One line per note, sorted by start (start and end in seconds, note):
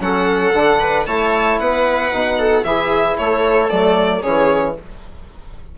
0.00 0.53 F#3
0.00 0.54 C#4
0.00 0.79 A4
0.00 1.05 F#5
0.53 1.06 D3
0.53 1.06 D4
0.79 1.06 B4
1.05 1.59 A3
1.05 2.12 E4
1.05 1.59 C#5
1.05 1.58 A5
1.59 2.12 B3
1.59 2.38 B4
1.59 2.63 F#5
2.12 2.63 B2
2.12 2.63 D#4
2.38 2.64 A4
2.63 3.16 E3
2.63 3.69 E4
2.63 3.18 G#4
2.63 3.16 E5
3.17 3.71 A3
3.17 4.21 A4
3.17 3.69 C#5
3.69 4.23 F#3
3.69 4.22 A3
3.69 4.22 D5
4.21 4.78 E3
4.21 4.74 C#4
4.21 4.74 G#4
4.21 4.75 C#5